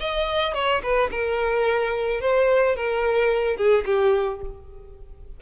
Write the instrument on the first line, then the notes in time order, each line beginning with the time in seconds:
violin
0.00 D#5
0.54 C#5
0.83 B4
1.11 A#4
2.21 C5
2.76 A#4
3.57 G#4
3.86 G4